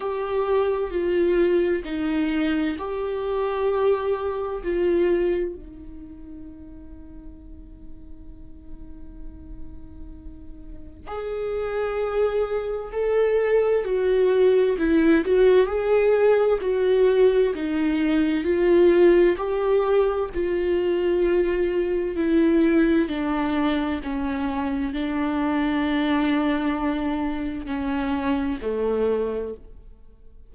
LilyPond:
\new Staff \with { instrumentName = "viola" } { \time 4/4 \tempo 4 = 65 g'4 f'4 dis'4 g'4~ | g'4 f'4 dis'2~ | dis'1 | gis'2 a'4 fis'4 |
e'8 fis'8 gis'4 fis'4 dis'4 | f'4 g'4 f'2 | e'4 d'4 cis'4 d'4~ | d'2 cis'4 a4 | }